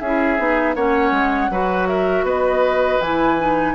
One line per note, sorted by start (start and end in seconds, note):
0.00 0.38 C#4
0.00 0.38 E4
0.00 0.76 G#4
0.00 0.75 E5
0.38 0.75 B3
0.38 0.75 D#4
0.75 1.12 A#3
0.75 1.51 C#4
0.75 1.51 C#5
0.75 1.88 F#5
1.12 1.49 G#3
1.50 2.23 F#3
1.50 3.01 F#4
1.50 1.89 B4
1.88 2.25 A#4
1.88 2.25 E5
2.23 2.98 B3
2.23 3.75 B4
2.23 3.01 D#5
3.01 3.75 E3
3.01 3.39 E4
3.01 3.75 G#5
3.39 3.75 D#4